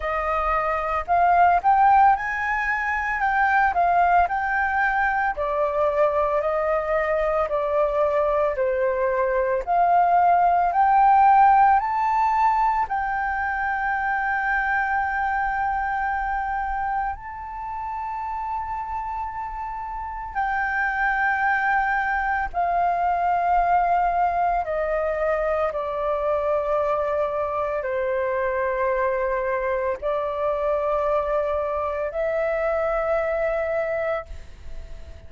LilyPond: \new Staff \with { instrumentName = "flute" } { \time 4/4 \tempo 4 = 56 dis''4 f''8 g''8 gis''4 g''8 f''8 | g''4 d''4 dis''4 d''4 | c''4 f''4 g''4 a''4 | g''1 |
a''2. g''4~ | g''4 f''2 dis''4 | d''2 c''2 | d''2 e''2 | }